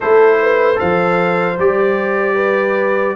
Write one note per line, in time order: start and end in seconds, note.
0.00 0.80 A3
0.00 0.75 E4
0.00 0.38 A4
0.00 0.79 C5
0.42 0.78 B4
0.75 1.58 F3
0.75 1.54 A4
0.75 2.35 C5
0.75 1.58 F5
1.58 3.15 G3
1.58 3.15 G4
1.58 3.15 D5
2.35 3.14 B4